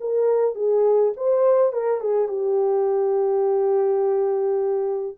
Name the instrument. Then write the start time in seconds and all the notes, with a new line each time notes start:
horn
0.00 A#4
0.55 G#4
1.16 C5
1.73 A#4
2.00 G#4
2.28 G4